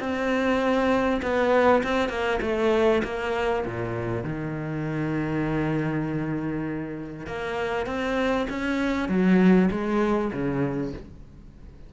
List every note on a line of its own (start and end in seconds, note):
0.00 1.21 C4
1.22 1.83 B3
1.83 2.09 C4
2.09 2.39 A#3
2.42 3.02 A3
3.04 3.65 A#3
3.66 4.24 A#2
4.24 7.27 D#3
7.27 7.87 A#3
7.87 8.47 C4
8.49 9.09 C#4
9.09 9.69 F#3
9.71 10.32 G#3
10.33 10.93 C#3